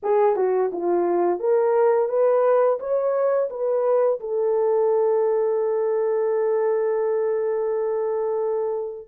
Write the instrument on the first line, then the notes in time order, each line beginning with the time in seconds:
horn
0.02 G#4
0.36 F#4
0.72 F4
1.40 A#4
2.09 B4
2.79 C#5
3.49 B4
4.20 A4